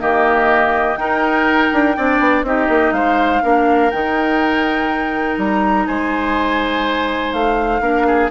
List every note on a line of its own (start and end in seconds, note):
0.00 0.97 D#3
0.00 0.98 A#3
0.00 0.99 G4
0.00 0.97 D#5
0.97 1.70 D#4
0.97 1.95 D#4
0.97 1.97 A#4
0.97 2.43 G5
1.73 1.97 D4
1.97 2.20 C4
1.97 2.46 D4
1.97 2.46 D5
2.20 2.44 B3
2.44 2.68 C4
2.44 3.43 D#4
2.44 2.95 G4
2.44 2.93 D#5
2.69 2.92 A#3
2.92 3.41 G#3
2.92 3.43 C5
2.92 3.91 F5
3.43 3.92 A#3
3.43 3.92 D4
3.43 5.87 A#4
3.91 5.38 D#3
3.91 7.82 D#4
3.91 5.37 G5
5.38 5.86 G3
5.38 5.87 A#5
5.87 7.33 G#3
5.87 7.82 C5
5.87 7.33 G#5
7.33 7.81 A3
7.33 8.31 F5
7.81 8.30 A#3
7.81 8.31 D4
7.81 8.07 A#4
8.07 8.32 G#4